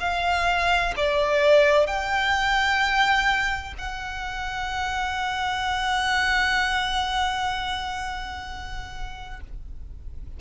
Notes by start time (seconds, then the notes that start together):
0.00 F5
0.96 D5
1.87 G5
3.78 F#5